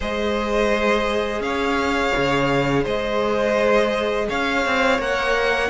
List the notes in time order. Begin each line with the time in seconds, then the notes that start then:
0.00 G#3 G#4 C5 D#5
1.40 C#4 C#5 F5
2.16 C#3
2.83 G#3 C5 D#5
4.28 C#4 C#5 F5
4.65 C4
4.98 A#3 A#4 F#5